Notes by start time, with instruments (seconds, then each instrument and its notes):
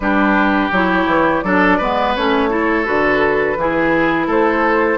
0.00 bassoon G3, clarinet D4, oboe G4, flute B4
0.71 bassoon F#3, clarinet E4, flute C#5
1.06 bassoon E3
1.41 bassoon F#3, clarinet D4, oboe A4, flute D5
1.77 bassoon G#3, clarinet B3, oboe B4
2.15 bassoon A3, clarinet C#4, flute C#5
2.49 clarinet E4, oboe A4
2.84 bassoon D3, clarinet F#4, flute B4
3.56 bassoon E3, clarinet E4, oboe G#4
4.26 bassoon A3, oboe A4, flute C5